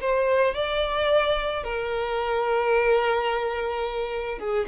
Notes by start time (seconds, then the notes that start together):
0.00 C5
0.54 D5
1.63 A#4
4.38 G#4